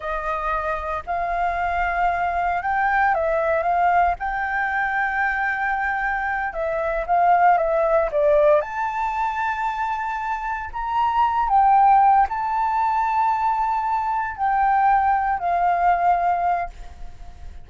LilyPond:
\new Staff \with { instrumentName = "flute" } { \time 4/4 \tempo 4 = 115 dis''2 f''2~ | f''4 g''4 e''4 f''4 | g''1~ | g''8 e''4 f''4 e''4 d''8~ |
d''8 a''2.~ a''8~ | a''8 ais''4. g''4. a''8~ | a''2.~ a''8 g''8~ | g''4. f''2~ f''8 | }